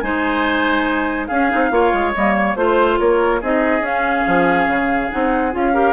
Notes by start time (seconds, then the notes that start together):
0.00 G#3 D#4 C5 G#5
1.27 C#4 G#4 F5
1.49 C4 D#4
1.71 A#3 F4 C#5
1.93 G#3
2.14 G3 A#3 D#5
2.36 C#5
2.55 A3 F4 C5
2.99 A#3 A#4 C#5
3.40 C4 D#4 G#4 D#5
3.80 C#4 F5
4.27 F3
4.67 C#3
5.10 C4 D#4 F#5
5.52 C#4 F4 F5
5.73 G4 A#4